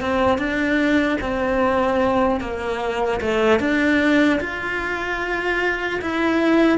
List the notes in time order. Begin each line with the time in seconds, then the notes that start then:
0.00 C4
0.38 D4
1.20 C4
2.40 A#3
3.20 A3
3.59 D4
4.40 F4
6.01 E4